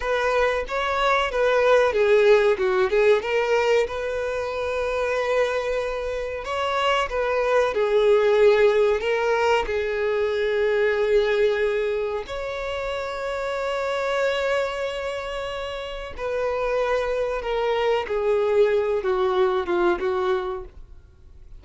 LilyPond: \new Staff \with { instrumentName = "violin" } { \time 4/4 \tempo 4 = 93 b'4 cis''4 b'4 gis'4 | fis'8 gis'8 ais'4 b'2~ | b'2 cis''4 b'4 | gis'2 ais'4 gis'4~ |
gis'2. cis''4~ | cis''1~ | cis''4 b'2 ais'4 | gis'4. fis'4 f'8 fis'4 | }